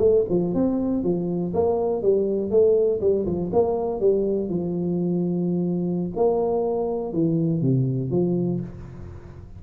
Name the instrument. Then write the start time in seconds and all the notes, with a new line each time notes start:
tuba
0.00 A3
0.30 F3
0.55 C4
1.04 F3
1.54 A#3
2.02 G3
2.51 A3
3.01 G3
3.26 F3
3.53 A#3
4.00 G3
4.50 F3
6.16 A#3
7.13 E3
7.62 C3
8.11 F3